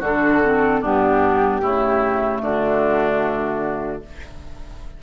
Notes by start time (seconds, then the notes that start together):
0.00 D3 D4 F#4 A4
0.44 C4
0.82 G2 B3 D4 G4
1.62 C#3 A3 E4
2.42 D3 D4 F#4